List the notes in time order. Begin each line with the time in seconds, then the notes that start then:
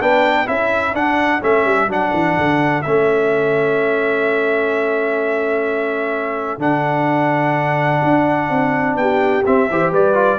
0.00 B3 D4 B4 G5
0.46 C#4 E4 A4 E5
0.94 D4 F#5
1.41 A3 C#4 E5
1.65 G3
1.88 F#3 D4 F#5
2.13 E3
2.37 D3
2.82 A3 C#4 E5
6.58 D3 D4 F#5
8.03 D4
8.50 C4
8.95 B3 G4 G5
9.45 C4 E5
9.70 E3 G4 C5
9.92 G3 B4 D5
10.14 F4